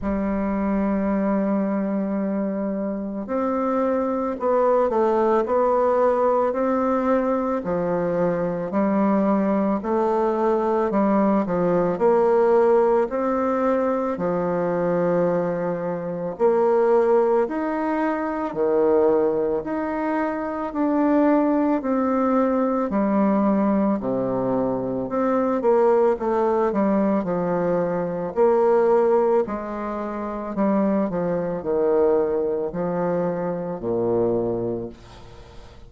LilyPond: \new Staff \with { instrumentName = "bassoon" } { \time 4/4 \tempo 4 = 55 g2. c'4 | b8 a8 b4 c'4 f4 | g4 a4 g8 f8 ais4 | c'4 f2 ais4 |
dis'4 dis4 dis'4 d'4 | c'4 g4 c4 c'8 ais8 | a8 g8 f4 ais4 gis4 | g8 f8 dis4 f4 ais,4 | }